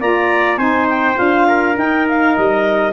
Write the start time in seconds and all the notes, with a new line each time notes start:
0.00 A#3 F4 D5 A#5
0.56 C4 D#4 C5 G#5
0.89 G5
1.14 D4 F4 F5
1.47 A#4
1.73 D#4 G5
2.08 F5
2.36 G3 D#5